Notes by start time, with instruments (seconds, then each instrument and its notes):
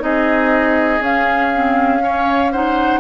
0.00 bassoon C4, clarinet D#4, oboe G#4, flute D#5
1.00 bassoon C#4, clarinet C#4, flute F5
1.55 clarinet C4
2.00 clarinet C#4, oboe C#5
2.52 clarinet D#4, oboe C5, flute F#5